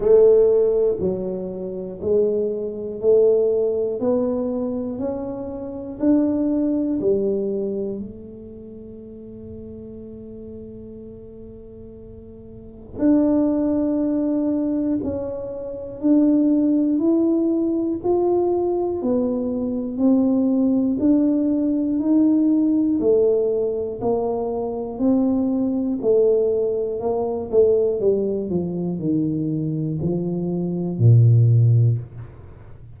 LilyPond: \new Staff \with { instrumentName = "tuba" } { \time 4/4 \tempo 4 = 60 a4 fis4 gis4 a4 | b4 cis'4 d'4 g4 | a1~ | a4 d'2 cis'4 |
d'4 e'4 f'4 b4 | c'4 d'4 dis'4 a4 | ais4 c'4 a4 ais8 a8 | g8 f8 dis4 f4 ais,4 | }